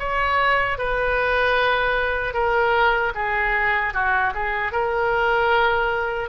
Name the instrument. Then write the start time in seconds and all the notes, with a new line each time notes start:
oboe
0.00 C#5
0.79 B4
2.34 A#4
3.15 G#4
3.94 F#4
4.35 G#4
4.73 A#4